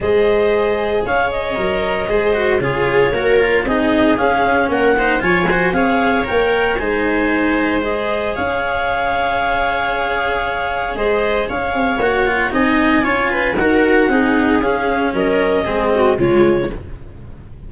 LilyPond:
<<
  \new Staff \with { instrumentName = "clarinet" } { \time 4/4 \tempo 4 = 115 dis''2 f''8 dis''4.~ | dis''4 cis''2 dis''4 | f''4 fis''4 gis''4 f''4 | g''4 gis''2 dis''4 |
f''1~ | f''4 dis''4 f''4 fis''4 | gis''2 fis''2 | f''4 dis''2 cis''4 | }
  \new Staff \with { instrumentName = "viola" } { \time 4/4 c''2 cis''2 | c''4 gis'4 ais'4 gis'4~ | gis'4 ais'8 c''8 cis''8 c''8 cis''4~ | cis''4 c''2. |
cis''1~ | cis''4 c''4 cis''2 | dis''4 cis''8 b'8 ais'4 gis'4~ | gis'4 ais'4 gis'8 fis'8 f'4 | }
  \new Staff \with { instrumentName = "cello" } { \time 4/4 gis'2. ais'4 | gis'8 fis'8 f'4 fis'8 f'8 dis'4 | cis'4. dis'8 f'8 fis'8 gis'4 | ais'4 dis'2 gis'4~ |
gis'1~ | gis'2. fis'8 f'8 | dis'4 f'4 fis'4 dis'4 | cis'2 c'4 gis4 | }
  \new Staff \with { instrumentName = "tuba" } { \time 4/4 gis2 cis'4 fis4 | gis4 cis4 ais4 c'4 | cis'4 ais4 f4 c'4 | ais4 gis2. |
cis'1~ | cis'4 gis4 cis'8 c'8 ais4 | c'4 cis'4 dis'4 c'4 | cis'4 fis4 gis4 cis4 | }
>>